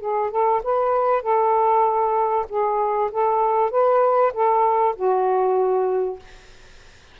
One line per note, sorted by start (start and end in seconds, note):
0.00 0.31 G#4
0.31 0.62 A4
0.63 1.22 B4
1.22 2.46 A4
2.49 3.10 G#4
3.11 3.70 A4
3.70 4.32 B4
4.33 4.95 A4
4.96 6.19 F#4